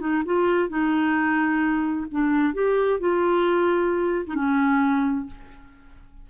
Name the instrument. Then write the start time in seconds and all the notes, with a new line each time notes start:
clarinet
0.00 D#4
0.25 F4
0.69 D#4
2.11 D4
2.54 G4
3.00 F4
4.26 D#4
4.35 C#4